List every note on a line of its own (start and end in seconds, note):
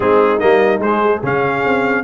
0.00 0.41 G#3
0.00 0.39 C4
0.00 1.02 D#4
0.00 0.39 G#4
0.39 0.78 G3
0.39 0.80 A#3
0.39 0.80 D#5
0.78 1.19 G#3
0.78 1.23 G#3
0.78 1.22 C5
1.03 2.03 G#4
1.23 1.63 C#3
1.23 2.03 C#4
1.23 2.03 F5
1.65 2.03 C4